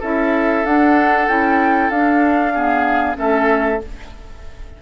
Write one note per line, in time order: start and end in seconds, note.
0.00 0.65 C#4
0.00 0.65 E4
0.00 2.53 A4
0.00 0.66 E5
0.65 1.28 D4
0.65 1.28 F#5
1.28 1.90 C#4
1.28 1.91 E4
1.28 1.90 G5
1.90 3.16 D4
1.90 2.55 D4
1.90 3.17 F5
2.54 3.14 B3
2.54 3.17 G#4
3.14 3.81 A3
3.14 3.77 C#4
3.14 3.82 A4
3.14 3.81 E5